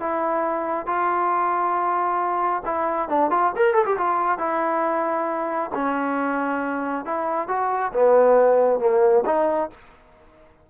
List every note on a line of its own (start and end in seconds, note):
0.00 0.87 E4
0.87 2.63 F4
2.65 3.09 E4
3.09 3.30 D4
3.30 3.53 F4
3.56 3.74 A#4
3.74 3.85 A4
3.86 3.97 G4
3.98 4.39 F4
4.39 5.71 E4
5.75 7.05 C#4
7.05 7.48 E4
7.48 7.92 F#4
7.93 8.80 B3
8.80 9.24 A#3
9.26 9.70 D#4